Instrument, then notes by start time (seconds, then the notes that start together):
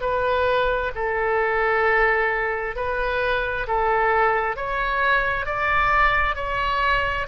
oboe
0.00 B4
0.95 A4
2.76 B4
3.67 A4
4.56 C#5
5.45 D5
6.35 C#5